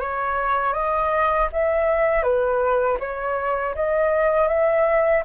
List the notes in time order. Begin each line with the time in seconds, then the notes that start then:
0.00 C#5
0.73 D#5
1.52 E5
2.22 B4
2.99 C#5
3.75 D#5
4.48 E5